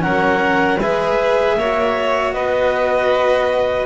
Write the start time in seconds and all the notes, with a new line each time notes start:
0.00 F#3 C#4 A#4 F#5
0.80 G#3 G#4 B4 E5
1.56 A#3 F#4 C#5
2.33 B3 B4 D#5